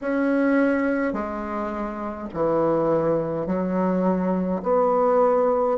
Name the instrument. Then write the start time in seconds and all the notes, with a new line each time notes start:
bassoon
0.01 C#4
1.13 G#3
2.33 E3
3.46 F#3
4.63 B3